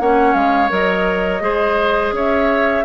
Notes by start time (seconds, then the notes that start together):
0.00 A#3 C#4 C#5 F#5
0.34 G#3 F5
0.69 F#3 A#4 D#5
1.41 G#3 G#4 C5
2.12 C#4 C#5 E5